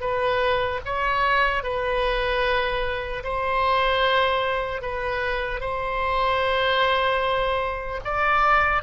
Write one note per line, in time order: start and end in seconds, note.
0.00 0.80 B4
0.85 1.63 C#5
1.63 3.23 B4
3.23 4.81 C5
4.81 5.60 B4
5.60 8.00 C5
8.04 8.82 D5